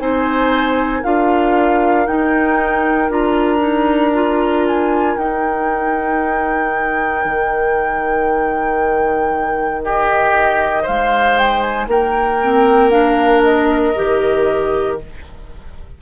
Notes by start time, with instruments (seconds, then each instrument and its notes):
0.00 bassoon C4, clarinet D#4, oboe C5, flute G#5
1.00 bassoon D4, clarinet F4, oboe A#4, flute F5
2.07 clarinet D#4, bassoon D#4, flute G5
3.09 bassoon D4, clarinet F4, flute A#5
3.59 clarinet D#4
4.14 clarinet F4
4.67 flute G#5
5.18 clarinet D#4, bassoon D#4, flute G5
7.25 bassoon D#3
9.85 oboe G4, flute D#5
10.83 bassoon G#3, oboe C5, flute F5
11.39 flute G5
11.62 flute G#5
11.87 bassoon A#3, oboe A#4, flute G5
12.42 clarinet C4
12.91 clarinet D4, flute F5
13.43 flute D#5
13.96 bassoon D#3, clarinet G4